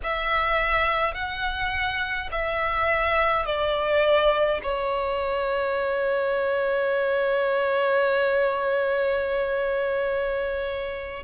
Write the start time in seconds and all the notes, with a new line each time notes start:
0.03 E5
1.14 F#5
2.31 E5
3.45 D5
4.63 C#5